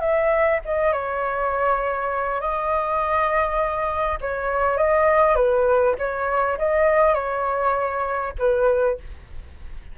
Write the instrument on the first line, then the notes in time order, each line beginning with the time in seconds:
flute
0.00 E5
0.65 D#5
0.92 C#5
2.40 D#5
4.20 C#5
4.77 D#5
5.35 B4
5.98 C#5
6.58 D#5
7.14 C#5
8.38 B4